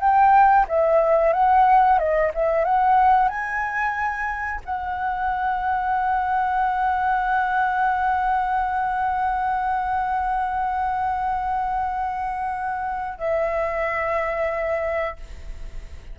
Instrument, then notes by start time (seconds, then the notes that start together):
flute
0.00 G5
0.69 E5
1.33 F#5
1.99 D#5
2.35 E5
2.65 F#5
3.29 G#5
4.65 F#5
13.19 E5